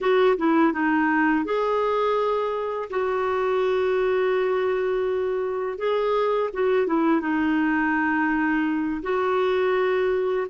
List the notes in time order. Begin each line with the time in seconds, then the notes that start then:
0.00 F#4
0.37 E4
0.72 D#4
1.44 G#4
2.89 F#4
5.77 G#4
6.53 F#4
6.87 E4
7.20 D#4
9.02 F#4